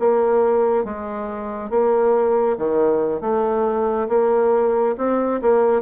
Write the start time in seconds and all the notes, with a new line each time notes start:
0.00 A#3
0.85 G#3
1.70 A#3
2.58 D#3
3.21 A3
4.09 A#3
4.98 C4
5.42 A#3